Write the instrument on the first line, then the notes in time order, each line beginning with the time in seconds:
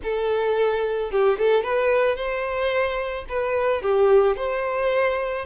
violin
0.03 A4
1.11 G4
1.38 A4
1.63 B4
2.15 C5
3.28 B4
3.82 G4
4.36 C5